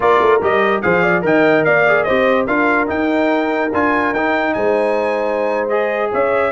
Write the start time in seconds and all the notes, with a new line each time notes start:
0.00 A#3 F4 A#4 D5
0.20 A3
0.41 G3 G4 D#5
0.81 F3 G#4 C5 F5
1.02 D5
1.21 D#3 A#4 D#5 G5
1.64 A#3 D5 F5
1.87 G#4
2.03 C4 G4 C5 D#5
2.46 D4 F4 A#4 F5
2.87 D#4 G5
3.73 D4 F4 G#5
4.13 D#4 G5
4.53 G#3 C5 G#5
5.68 G#4 D#5
6.11 C#4 C#5 E5